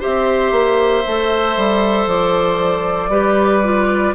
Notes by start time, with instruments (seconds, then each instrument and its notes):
0.00 bassoon C4, clarinet G4, oboe C5, flute E5
0.52 bassoon A#3
1.07 bassoon A3, clarinet A4
1.57 bassoon G3
2.06 bassoon F3, flute D5
3.08 bassoon G3, clarinet G4, oboe B4
3.63 clarinet F4